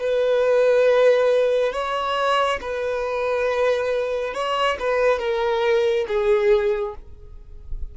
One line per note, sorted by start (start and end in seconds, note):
0.00 1.73 B4
1.73 2.60 C#5
2.61 4.34 B4
4.34 4.77 C#5
4.79 5.19 B4
5.19 6.06 A#4
6.08 6.95 G#4